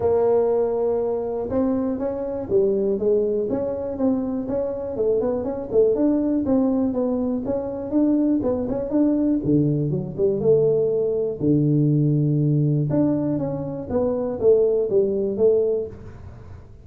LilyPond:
\new Staff \with { instrumentName = "tuba" } { \time 4/4 \tempo 4 = 121 ais2. c'4 | cis'4 g4 gis4 cis'4 | c'4 cis'4 a8 b8 cis'8 a8 | d'4 c'4 b4 cis'4 |
d'4 b8 cis'8 d'4 d4 | fis8 g8 a2 d4~ | d2 d'4 cis'4 | b4 a4 g4 a4 | }